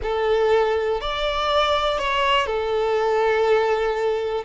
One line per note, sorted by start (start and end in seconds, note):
0.02 1.00 A4
1.00 1.98 D5
1.98 2.46 C#5
2.46 4.44 A4